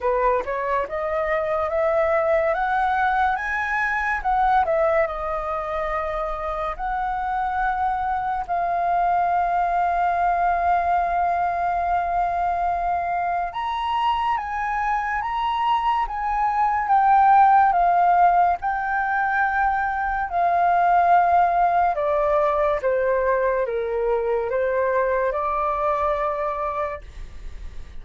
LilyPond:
\new Staff \with { instrumentName = "flute" } { \time 4/4 \tempo 4 = 71 b'8 cis''8 dis''4 e''4 fis''4 | gis''4 fis''8 e''8 dis''2 | fis''2 f''2~ | f''1 |
ais''4 gis''4 ais''4 gis''4 | g''4 f''4 g''2 | f''2 d''4 c''4 | ais'4 c''4 d''2 | }